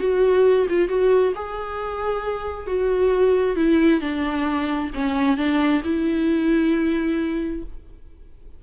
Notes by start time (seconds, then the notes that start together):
0.00 F#4
0.69 F4
0.89 F#4
1.36 G#4
2.67 F#4
3.56 E4
4.01 D4
4.95 C#4
5.38 D4
5.84 E4